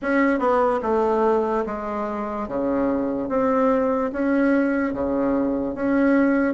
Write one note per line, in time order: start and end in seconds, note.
0.02 0.39 C#4
0.39 0.80 B3
0.82 1.64 A3
1.66 2.48 G#3
2.48 3.28 C#3
3.28 4.11 C4
4.12 4.93 C#4
4.93 5.75 C#3
5.75 6.54 C#4